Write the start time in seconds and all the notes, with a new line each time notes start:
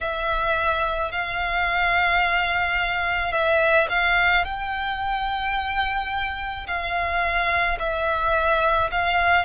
0.00 E5
1.11 F5
3.31 E5
3.89 F5
4.44 G5
6.67 F5
7.79 E5
8.91 F5